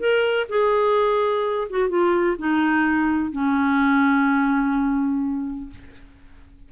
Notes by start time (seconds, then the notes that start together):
0.00 A#4
0.49 G#4
1.70 F#4
1.90 F4
2.39 D#4
3.32 C#4